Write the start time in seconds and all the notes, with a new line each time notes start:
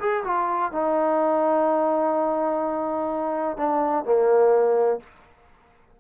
0.00 G#4
0.25 F4
0.72 D#4
3.57 D4
4.05 A#3